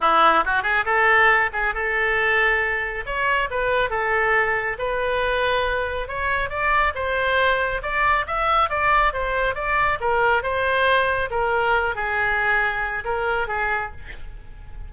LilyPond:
\new Staff \with { instrumentName = "oboe" } { \time 4/4 \tempo 4 = 138 e'4 fis'8 gis'8 a'4. gis'8 | a'2. cis''4 | b'4 a'2 b'4~ | b'2 cis''4 d''4 |
c''2 d''4 e''4 | d''4 c''4 d''4 ais'4 | c''2 ais'4. gis'8~ | gis'2 ais'4 gis'4 | }